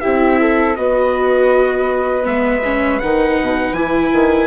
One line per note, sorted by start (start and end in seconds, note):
0.00 0.76 C4
0.00 0.77 E4
0.00 0.39 G4
0.00 0.75 E5
0.40 0.78 A4
0.75 2.26 B3
0.75 2.23 F#4
0.75 4.47 B4
0.75 2.25 D#5
2.23 3.01 G#3
2.23 2.61 B3
2.23 2.99 E5
2.64 3.01 C#4
2.99 3.40 D#3
2.99 3.76 D#4
2.99 3.74 F#5
3.40 3.72 B2
3.72 4.10 E3
3.72 4.47 E4
3.72 4.47 G#5
4.12 4.47 D#3